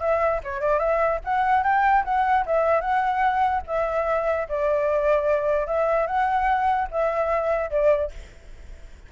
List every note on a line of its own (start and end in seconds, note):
0.00 0.41 E5
0.43 0.61 C#5
0.61 0.79 D5
0.79 1.20 E5
1.24 1.63 F#5
1.63 2.04 G5
2.05 2.45 F#5
2.46 2.81 E5
2.81 3.62 F#5
3.67 4.48 E5
4.49 5.67 D5
5.67 6.07 E5
6.07 6.88 F#5
6.91 7.71 E5
7.71 8.11 D5